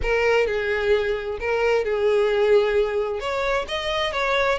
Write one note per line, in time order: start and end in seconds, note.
0.02 0.47 A#4
0.47 1.38 G#4
1.39 1.84 A#4
1.84 3.20 G#4
3.20 3.65 C#5
3.68 4.12 D#5
4.12 4.58 C#5